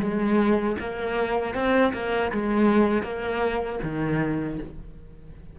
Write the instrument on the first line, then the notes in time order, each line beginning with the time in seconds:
cello
0.00 G#3
0.80 A#3
1.54 C4
1.93 A#3
2.31 G#3
3.03 A#3
3.83 D#3